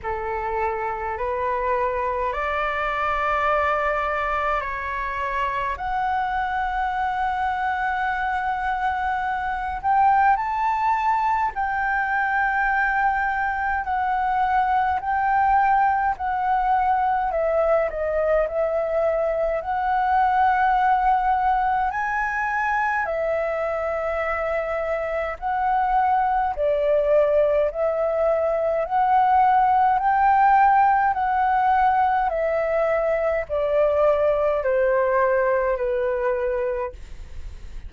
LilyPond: \new Staff \with { instrumentName = "flute" } { \time 4/4 \tempo 4 = 52 a'4 b'4 d''2 | cis''4 fis''2.~ | fis''8 g''8 a''4 g''2 | fis''4 g''4 fis''4 e''8 dis''8 |
e''4 fis''2 gis''4 | e''2 fis''4 d''4 | e''4 fis''4 g''4 fis''4 | e''4 d''4 c''4 b'4 | }